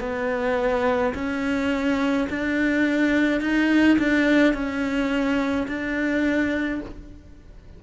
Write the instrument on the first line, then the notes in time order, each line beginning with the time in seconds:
cello
0.00 B3
1.14 C#4
2.30 D4
3.41 D#4
3.98 D4
4.53 C#4
5.68 D4